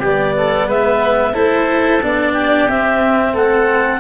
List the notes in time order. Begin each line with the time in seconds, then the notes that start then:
0.00 G3 B3 G4 D5
0.38 A4
0.67 G#3 B4 E5
1.34 A3 E4 A4 C5
2.03 B3 D4 D5
2.34 G4
2.68 C4 E5
3.34 A3 A4 F#5